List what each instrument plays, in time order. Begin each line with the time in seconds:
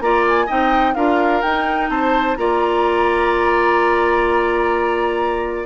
0.00 bassoon A#3, clarinet F4, oboe D5, flute A#5
0.28 flute G#5
0.46 bassoon C4, clarinet D#4, oboe D#5, flute G5
0.94 bassoon D4, clarinet F4, oboe A#4, flute F5
1.41 bassoon D#4, flute G5
1.48 clarinet D#4
1.89 bassoon C4, oboe C5, flute A5
2.36 bassoon A#3, clarinet F4, oboe D5, flute A#5